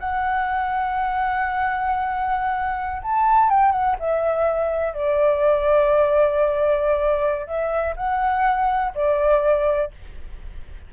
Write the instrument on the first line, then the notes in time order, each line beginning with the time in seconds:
flute
0.00 F#5
3.03 A5
3.50 G5
3.72 F#5
4.00 E5
4.94 D5
7.47 E5
7.97 F#5
8.95 D5